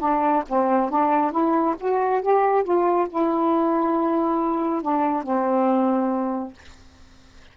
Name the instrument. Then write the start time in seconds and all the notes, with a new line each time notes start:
saxophone
0.00 D4
0.49 C4
0.91 D4
1.32 E4
1.81 F#4
2.23 G4
2.64 F4
3.10 E4
4.83 D4
5.23 C4